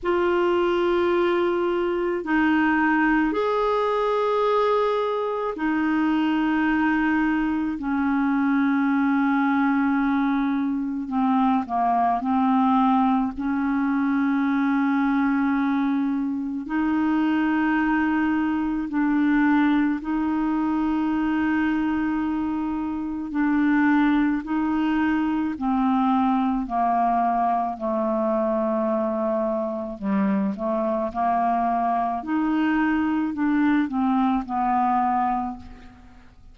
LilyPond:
\new Staff \with { instrumentName = "clarinet" } { \time 4/4 \tempo 4 = 54 f'2 dis'4 gis'4~ | gis'4 dis'2 cis'4~ | cis'2 c'8 ais8 c'4 | cis'2. dis'4~ |
dis'4 d'4 dis'2~ | dis'4 d'4 dis'4 c'4 | ais4 a2 g8 a8 | ais4 dis'4 d'8 c'8 b4 | }